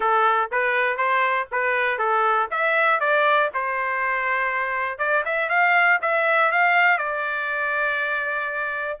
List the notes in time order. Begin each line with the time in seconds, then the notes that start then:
0.00 A4
0.51 B4
0.97 C5
1.51 B4
1.98 A4
2.50 E5
3.00 D5
3.53 C5
4.98 D5
5.25 E5
5.49 F5
6.01 E5
6.51 F5
6.97 D5